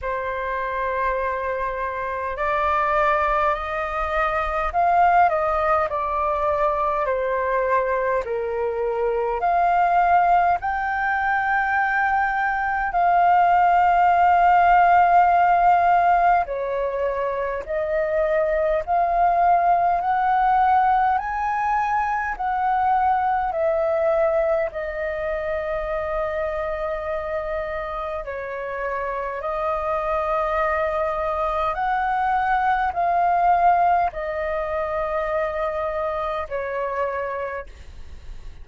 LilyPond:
\new Staff \with { instrumentName = "flute" } { \time 4/4 \tempo 4 = 51 c''2 d''4 dis''4 | f''8 dis''8 d''4 c''4 ais'4 | f''4 g''2 f''4~ | f''2 cis''4 dis''4 |
f''4 fis''4 gis''4 fis''4 | e''4 dis''2. | cis''4 dis''2 fis''4 | f''4 dis''2 cis''4 | }